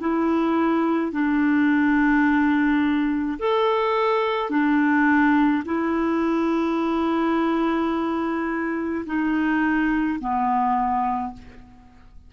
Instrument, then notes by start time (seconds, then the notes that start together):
clarinet
0.00 E4
1.12 D4
3.39 A4
4.50 D4
5.65 E4
9.06 D#4
10.20 B3